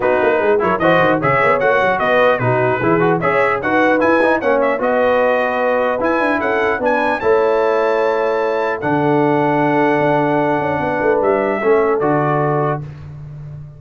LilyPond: <<
  \new Staff \with { instrumentName = "trumpet" } { \time 4/4 \tempo 4 = 150 b'4. cis''8 dis''4 e''4 | fis''4 dis''4 b'2 | e''4 fis''4 gis''4 fis''8 e''8 | dis''2. gis''4 |
fis''4 gis''4 a''2~ | a''2 fis''2~ | fis''1 | e''2 d''2 | }
  \new Staff \with { instrumentName = "horn" } { \time 4/4 fis'4 gis'8 ais'8 c''4 cis''4~ | cis''4 b'4 fis'4 gis'4 | cis''4 b'2 cis''4 | b'1 |
a'4 b'4 cis''2~ | cis''2 a'2~ | a'2. b'4~ | b'4 a'2. | }
  \new Staff \with { instrumentName = "trombone" } { \time 4/4 dis'4. e'8 fis'4 gis'4 | fis'2 dis'4 e'8 fis'8 | gis'4 fis'4 e'8 dis'8 cis'4 | fis'2. e'4~ |
e'4 d'4 e'2~ | e'2 d'2~ | d'1~ | d'4 cis'4 fis'2 | }
  \new Staff \with { instrumentName = "tuba" } { \time 4/4 b8 ais8 gis8 fis8 e8 dis8 cis8 b8 | ais8 fis8 b4 b,4 e4 | cis'4 dis'4 e'4 ais4 | b2. e'8 d'8 |
cis'4 b4 a2~ | a2 d2~ | d4 d'4. cis'8 b8 a8 | g4 a4 d2 | }
>>